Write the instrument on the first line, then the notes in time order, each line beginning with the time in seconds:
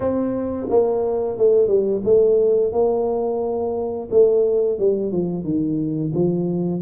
tuba
0.00 C4
0.69 A#3
1.37 A3
1.67 G3
2.04 A3
2.72 A#3
4.10 A3
4.79 G3
5.12 F3
5.44 D#3
6.14 F3